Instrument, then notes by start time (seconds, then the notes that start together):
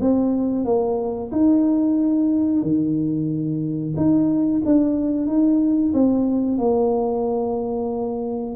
tuba
0.00 C4
0.64 A#3
1.31 D#4
2.62 D#3
3.96 D#4
4.65 D4
5.27 D#4
5.93 C4
6.58 A#3